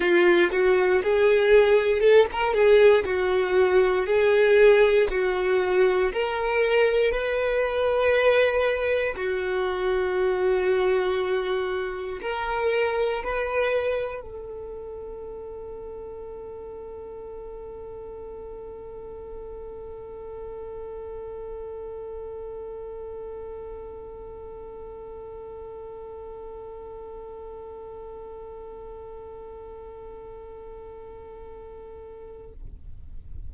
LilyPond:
\new Staff \with { instrumentName = "violin" } { \time 4/4 \tempo 4 = 59 f'8 fis'8 gis'4 a'16 ais'16 gis'8 fis'4 | gis'4 fis'4 ais'4 b'4~ | b'4 fis'2. | ais'4 b'4 a'2~ |
a'1~ | a'1~ | a'1~ | a'1 | }